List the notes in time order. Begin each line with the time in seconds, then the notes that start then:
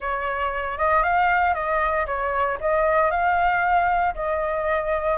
0.00 C#5
0.78 D#5
1.03 F5
1.54 D#5
2.06 C#5
2.60 D#5
3.10 F5
4.14 D#5